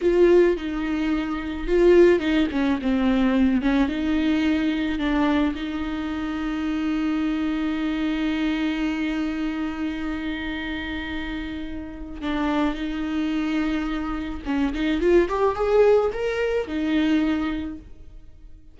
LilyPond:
\new Staff \with { instrumentName = "viola" } { \time 4/4 \tempo 4 = 108 f'4 dis'2 f'4 | dis'8 cis'8 c'4. cis'8 dis'4~ | dis'4 d'4 dis'2~ | dis'1~ |
dis'1~ | dis'2 d'4 dis'4~ | dis'2 cis'8 dis'8 f'8 g'8 | gis'4 ais'4 dis'2 | }